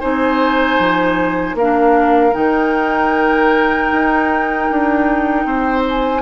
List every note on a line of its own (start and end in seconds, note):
0.00 0.79 C4
0.00 1.57 D#4
0.00 1.56 C5
0.00 1.56 G#5
0.79 1.54 F3
1.54 2.32 A#3
1.54 5.47 A#4
1.54 2.34 F5
1.61 2.32 D4
2.32 3.91 D#3
2.32 6.22 D#4
2.32 5.84 G5
3.91 4.69 D#4
4.70 5.45 D4
5.45 6.22 C4
5.45 6.22 C5
5.89 6.22 G#5